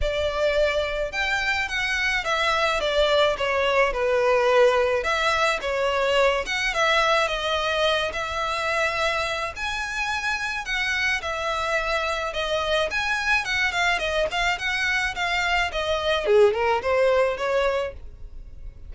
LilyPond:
\new Staff \with { instrumentName = "violin" } { \time 4/4 \tempo 4 = 107 d''2 g''4 fis''4 | e''4 d''4 cis''4 b'4~ | b'4 e''4 cis''4. fis''8 | e''4 dis''4. e''4.~ |
e''4 gis''2 fis''4 | e''2 dis''4 gis''4 | fis''8 f''8 dis''8 f''8 fis''4 f''4 | dis''4 gis'8 ais'8 c''4 cis''4 | }